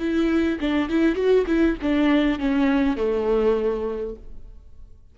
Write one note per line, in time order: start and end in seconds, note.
0.00 0.59 E4
0.61 0.90 D4
0.90 1.16 E4
1.16 1.46 F#4
1.47 1.77 E4
1.82 2.40 D4
2.40 2.97 C#4
2.97 4.16 A3